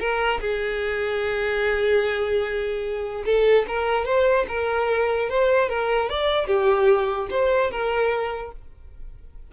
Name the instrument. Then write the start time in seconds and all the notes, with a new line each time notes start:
violin
0.00 A#4
0.41 G#4
3.26 A4
3.68 A#4
4.06 C5
4.49 A#4
5.30 C5
5.69 A#4
6.10 D5
6.47 G4
7.31 C5
7.71 A#4